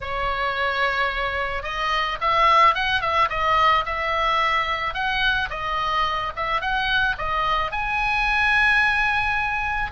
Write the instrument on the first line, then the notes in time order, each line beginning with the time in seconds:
oboe
0.00 C#5
1.62 D#5
2.20 E5
2.74 F#5
3.01 E5
3.29 D#5
3.85 E5
4.94 F#5
5.49 D#5
6.36 E5
6.61 F#5
7.18 D#5
7.71 G#5